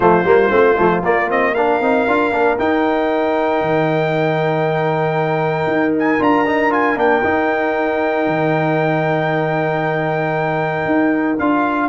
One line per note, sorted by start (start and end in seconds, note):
0.00 0.24 F3
0.00 0.24 A3
0.00 1.53 F4
0.00 1.03 C5
0.24 0.50 G3
0.24 0.50 A#3
0.50 0.77 A3
0.50 0.76 C4
0.77 1.03 F3
0.77 1.02 A3
1.03 1.80 A#3
1.03 1.28 A#3
1.03 1.30 D5
1.28 1.54 C4
1.28 1.54 D#5
1.54 1.82 D4
1.54 11.88 A#4
1.54 2.57 F5
1.80 2.06 C4
1.80 2.08 D#4
2.07 2.31 D4
2.07 2.31 F4
2.31 2.57 A#3
2.31 2.57 D4
2.58 6.19 D#4
2.58 3.61 D#4
2.58 5.95 G5
3.61 5.66 D#3
5.66 6.18 D#4
5.98 6.22 G#5
6.19 6.95 D4
6.19 6.45 F4
6.19 6.72 A#5
6.46 6.70 D#4
6.70 6.96 F4
6.70 6.98 G#5
6.95 7.21 A#3
6.95 7.22 D4
6.95 11.38 G5
7.23 11.37 D#4
7.23 8.26 D#4
8.26 10.85 D#3
10.85 11.37 D#4
11.38 11.88 D4
11.38 11.88 F4
11.38 11.88 F5